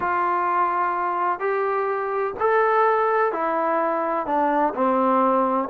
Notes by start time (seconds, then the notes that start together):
0.00 F4
1.39 G4
2.39 A4
3.32 E4
4.26 D4
4.74 C4